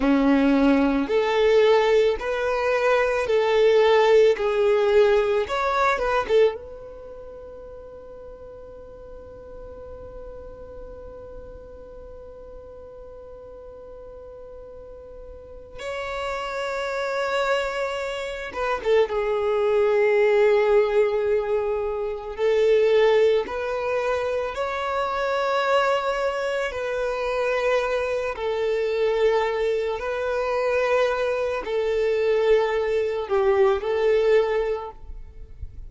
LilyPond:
\new Staff \with { instrumentName = "violin" } { \time 4/4 \tempo 4 = 55 cis'4 a'4 b'4 a'4 | gis'4 cis''8 b'16 a'16 b'2~ | b'1~ | b'2~ b'8 cis''4.~ |
cis''4 b'16 a'16 gis'2~ gis'8~ | gis'8 a'4 b'4 cis''4.~ | cis''8 b'4. a'4. b'8~ | b'4 a'4. g'8 a'4 | }